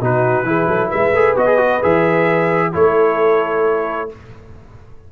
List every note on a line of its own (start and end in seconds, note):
0.00 0.43 B2
0.00 0.45 D#4
0.00 0.46 F#4
0.00 0.90 B4
0.43 0.66 E3
0.43 1.13 E4
0.43 0.68 G#4
0.68 0.90 F#3
0.68 0.88 A4
0.88 1.12 G#3
0.88 2.70 B4
0.88 1.36 E5
1.12 1.35 A3
1.12 1.37 G#4
1.36 1.82 B3
1.36 1.47 F#4
1.36 1.83 D#5
1.47 1.58 G#4
1.58 1.80 F#4
1.82 2.75 E3
1.82 2.73 G#4
1.82 2.74 E5
2.73 4.12 A3
2.73 4.09 E4
2.73 4.10 A4
2.73 4.11 C#5